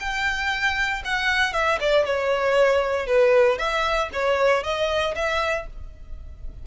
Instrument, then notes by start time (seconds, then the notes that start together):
violin
0.00 G5
1.05 F#5
1.53 E5
1.80 D5
2.06 C#5
3.07 B4
3.58 E5
4.13 C#5
4.63 D#5
5.16 E5